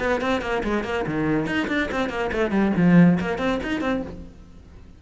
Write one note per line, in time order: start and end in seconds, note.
0.00 0.21 B3
0.21 0.41 C4
0.41 0.63 A#3
0.63 0.84 G#3
0.84 1.05 A#3
1.07 1.46 D#3
1.46 1.68 D#4
1.68 1.89 D4
1.91 2.09 C4
2.09 2.31 A#3
2.32 2.51 A3
2.51 2.72 G3
2.77 3.19 F3
3.20 3.38 A#3
3.38 3.60 C4
3.63 3.81 D#4
3.81 4.02 C4